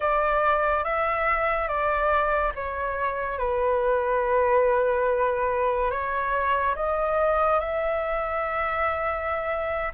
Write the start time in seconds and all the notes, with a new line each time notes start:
0.00 D5
0.83 E5
1.67 D5
2.55 C#5
3.38 B4
5.90 C#5
6.75 D#5
7.60 E5